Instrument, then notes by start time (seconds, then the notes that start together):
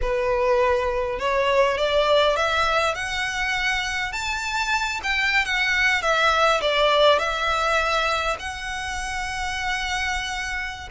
violin
0.01 B4
1.19 C#5
1.77 D5
2.36 E5
2.94 F#5
4.12 A5
5.03 G5
5.45 F#5
6.02 E5
6.61 D5
7.18 E5
8.39 F#5